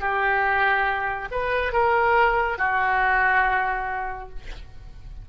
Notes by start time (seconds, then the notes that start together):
0.00 G4
1.31 B4
1.72 A#4
2.58 F#4